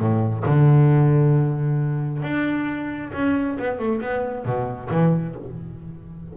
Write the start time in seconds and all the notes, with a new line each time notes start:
0.00 A2
0.46 D3
2.23 D4
3.14 C#4
3.59 B3
3.79 A3
4.02 B3
4.45 B2
4.91 E3